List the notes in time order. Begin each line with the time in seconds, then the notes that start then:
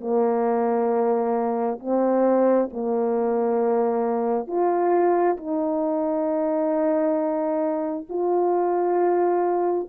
0.00 A#3
1.80 C4
2.72 A#3
4.47 F4
5.37 D#4
8.09 F4